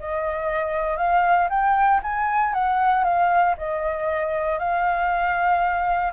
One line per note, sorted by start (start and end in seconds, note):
0.00 0.97 D#5
0.97 1.48 F5
1.50 2.01 G5
2.03 2.54 G#5
2.54 3.04 F#5
3.04 3.55 F5
3.58 4.59 D#5
4.59 6.13 F5